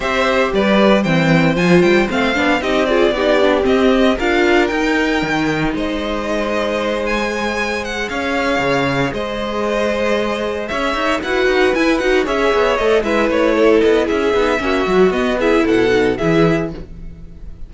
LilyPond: <<
  \new Staff \with { instrumentName = "violin" } { \time 4/4 \tempo 4 = 115 e''4 d''4 g''4 gis''8 g''8 | f''4 dis''8 d''4. dis''4 | f''4 g''2 dis''4~ | dis''4. gis''4. fis''8 f''8~ |
f''4. dis''2~ dis''8~ | dis''8 e''4 fis''4 gis''8 fis''8 e''8~ | e''8 dis''8 e''8 cis''4 dis''8 e''4~ | e''4 dis''8 e''8 fis''4 e''4 | }
  \new Staff \with { instrumentName = "violin" } { \time 4/4 c''4 b'4 c''2~ | c''4 g'8 gis'8 g'2 | ais'2. c''4~ | c''2.~ c''8 cis''8~ |
cis''4. c''2~ c''8~ | c''8 cis''4 b'2 cis''8~ | cis''4 b'4 a'4 gis'4 | fis'4. gis'8 a'4 gis'4 | }
  \new Staff \with { instrumentName = "viola" } { \time 4/4 g'2 c'4 f'4 | c'8 d'8 dis'8 f'8 dis'8 d'8 c'4 | f'4 dis'2.~ | dis'4.~ dis'16 gis'2~ gis'16~ |
gis'1~ | gis'4. fis'4 e'8 fis'8 gis'8~ | gis'8 a'8 e'2~ e'8 dis'8 | cis'8 fis'8 b8 e'4 dis'8 e'4 | }
  \new Staff \with { instrumentName = "cello" } { \time 4/4 c'4 g4 e4 f8 g8 | a8 b8 c'4 b4 c'4 | d'4 dis'4 dis4 gis4~ | gis2.~ gis8 cis'8~ |
cis'8 cis4 gis2~ gis8~ | gis8 cis'8 dis'8 e'8 dis'8 e'8 dis'8 cis'8 | b8 a8 gis8 a4 b8 cis'8 b8 | ais8 fis8 b4 b,4 e4 | }
>>